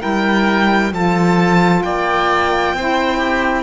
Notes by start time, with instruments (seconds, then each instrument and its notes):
0.00 cello G3, saxophone E4, oboe A#4, violin G5
0.92 cello F3, saxophone F4, oboe A4, violin A5
1.83 cello A#3, oboe D5, violin G5
2.74 cello C4, saxophone E4, oboe C5
3.18 oboe G4